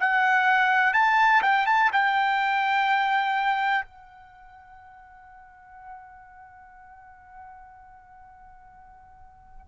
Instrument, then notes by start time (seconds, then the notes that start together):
trumpet
0.00 F#5
0.94 A5
1.43 G5
1.67 A5
1.93 G5
3.86 F#5